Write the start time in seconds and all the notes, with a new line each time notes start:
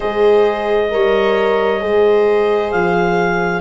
0.00 G#3 G#4 C5 D#5
0.90 G3 A#4 C#5
1.80 G#3 G#4 C5
2.71 F3 F5